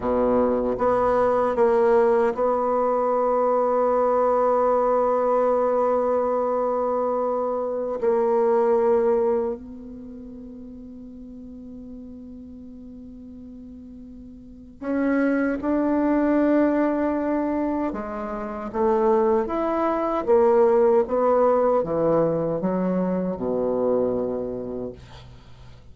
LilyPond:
\new Staff \with { instrumentName = "bassoon" } { \time 4/4 \tempo 4 = 77 b,4 b4 ais4 b4~ | b1~ | b2~ b16 ais4.~ ais16~ | ais16 b2.~ b8.~ |
b2. cis'4 | d'2. gis4 | a4 e'4 ais4 b4 | e4 fis4 b,2 | }